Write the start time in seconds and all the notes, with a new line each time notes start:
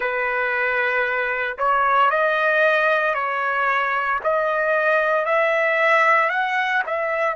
0.00 B4
1.57 C#5
2.10 D#5
3.14 C#5
4.23 D#5
5.25 E5
6.29 F#5
6.86 E5